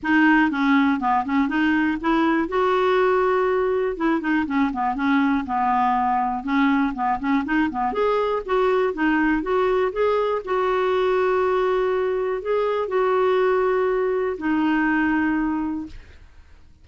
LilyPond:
\new Staff \with { instrumentName = "clarinet" } { \time 4/4 \tempo 4 = 121 dis'4 cis'4 b8 cis'8 dis'4 | e'4 fis'2. | e'8 dis'8 cis'8 b8 cis'4 b4~ | b4 cis'4 b8 cis'8 dis'8 b8 |
gis'4 fis'4 dis'4 fis'4 | gis'4 fis'2.~ | fis'4 gis'4 fis'2~ | fis'4 dis'2. | }